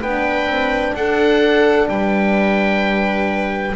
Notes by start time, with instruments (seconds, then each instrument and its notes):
0.00 double bass B3, horn D4, viola B4, oboe G5
0.46 double bass C4
0.94 double bass D4, viola A4, oboe F#5
1.88 double bass G3, viola B4, oboe G5